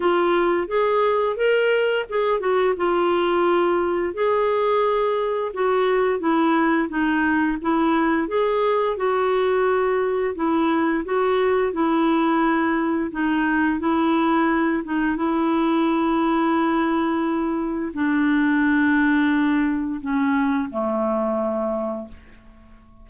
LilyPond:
\new Staff \with { instrumentName = "clarinet" } { \time 4/4 \tempo 4 = 87 f'4 gis'4 ais'4 gis'8 fis'8 | f'2 gis'2 | fis'4 e'4 dis'4 e'4 | gis'4 fis'2 e'4 |
fis'4 e'2 dis'4 | e'4. dis'8 e'2~ | e'2 d'2~ | d'4 cis'4 a2 | }